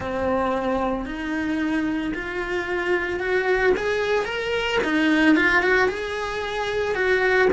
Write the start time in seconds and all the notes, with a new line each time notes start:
0.00 C4
1.05 D#4
2.14 F4
3.19 F#4
3.76 G#4
4.25 A#4
4.83 D#4
5.36 F4
5.62 F#4
5.88 G#4
6.94 F#4